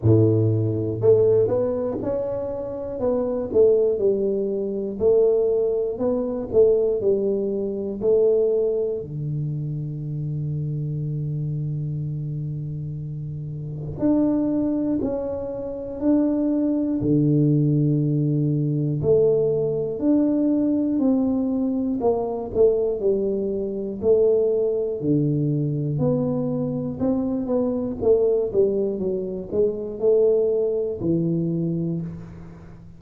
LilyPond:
\new Staff \with { instrumentName = "tuba" } { \time 4/4 \tempo 4 = 60 a,4 a8 b8 cis'4 b8 a8 | g4 a4 b8 a8 g4 | a4 d2.~ | d2 d'4 cis'4 |
d'4 d2 a4 | d'4 c'4 ais8 a8 g4 | a4 d4 b4 c'8 b8 | a8 g8 fis8 gis8 a4 e4 | }